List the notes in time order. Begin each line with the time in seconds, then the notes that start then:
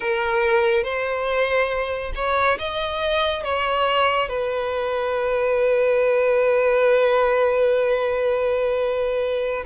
0.00 A#4
0.83 C5
2.15 C#5
2.58 D#5
3.43 C#5
4.28 B4